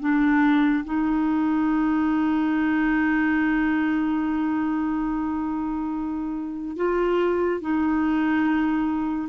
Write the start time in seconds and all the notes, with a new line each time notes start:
0.00 D4
0.85 D#4
6.77 F4
7.61 D#4